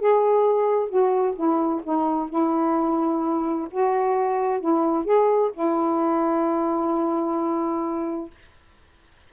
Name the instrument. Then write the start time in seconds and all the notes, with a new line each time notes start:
saxophone
0.00 G#4
0.90 F#4
1.36 E4
1.84 D#4
2.30 E4
3.71 F#4
4.61 E4
5.05 G#4
5.54 E4